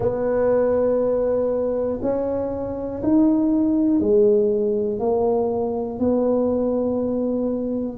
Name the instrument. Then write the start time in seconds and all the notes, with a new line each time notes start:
tuba
0.00 B3
2.02 C#4
3.02 D#4
4.00 G#3
4.99 A#3
5.99 B3